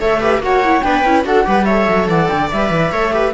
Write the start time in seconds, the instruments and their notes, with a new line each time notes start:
0.00 cello A3, viola A4 C#5, flute E5
0.20 viola G4 B4
0.39 cello A#3, viola F#4 C#5, flute F#5
0.64 viola E4
0.81 cello B3, viola D4 B4, flute G5
1.04 cello C#4, viola E4
1.24 cello D4, viola F#4 A4, flute F#5
1.44 cello G3, viola G4 B4
1.65 viola A4 C#5, flute E5
1.88 cello F#3
2.08 cello E3, viola D5, flute F#5
2.28 cello D3, flute G5
2.51 cello G3, viola B4, flute E5
2.70 cello E3
2.91 cello A3, viola A4 C#5
3.12 viola G4 B4